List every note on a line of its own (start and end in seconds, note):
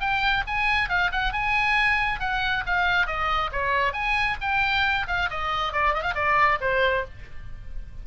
0.00 0.44 G5
0.47 0.89 G#5
0.89 1.11 F5
1.12 1.33 F#5
1.33 2.20 G#5
2.20 2.64 F#5
2.66 3.07 F5
3.07 3.50 D#5
3.52 3.93 C#5
3.93 4.37 G#5
4.41 5.07 G5
5.07 5.29 F5
5.30 5.73 D#5
5.73 5.94 D5
5.94 6.03 D#5
6.03 6.14 F5
6.15 6.59 D5
6.61 7.05 C5